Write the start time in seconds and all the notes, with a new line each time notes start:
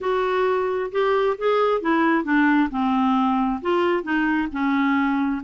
0.00 F#4
0.91 G4
1.38 G#4
1.81 E4
2.24 D4
2.70 C4
3.61 F4
4.03 D#4
4.51 C#4